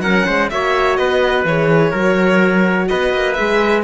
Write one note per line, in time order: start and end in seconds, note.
0.00 0.24 F#3
0.00 0.52 C#4
0.00 0.26 A#4
0.00 0.50 F#5
0.26 0.52 G#3
0.26 0.50 C5
0.50 0.99 A#3
0.50 1.48 F#4
0.50 0.99 C#5
0.50 0.97 E5
0.97 1.45 B3
0.97 1.91 B4
0.97 1.45 D#5
1.45 1.93 E3
1.45 1.94 G#4
1.45 2.88 C#5
1.91 2.90 F#3
1.91 3.37 F#4
1.91 2.87 A#4
2.88 3.14 B3
2.88 3.84 B4
2.88 3.34 D#5
3.14 3.38 A#3
3.34 3.84 G#3
3.34 3.84 G#4
3.34 3.82 E5